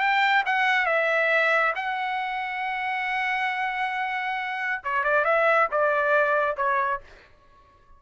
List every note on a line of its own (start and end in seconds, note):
0.00 0.44 G5
0.46 0.86 F#5
0.86 1.74 E5
1.76 4.82 F#5
4.84 5.04 C#5
5.04 5.25 D5
5.25 5.69 E5
5.72 6.57 D5
6.57 7.01 C#5